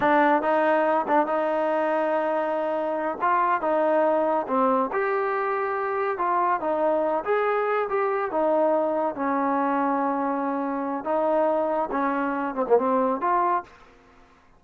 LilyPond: \new Staff \with { instrumentName = "trombone" } { \time 4/4 \tempo 4 = 141 d'4 dis'4. d'8 dis'4~ | dis'2.~ dis'8 f'8~ | f'8 dis'2 c'4 g'8~ | g'2~ g'8 f'4 dis'8~ |
dis'4 gis'4. g'4 dis'8~ | dis'4. cis'2~ cis'8~ | cis'2 dis'2 | cis'4. c'16 ais16 c'4 f'4 | }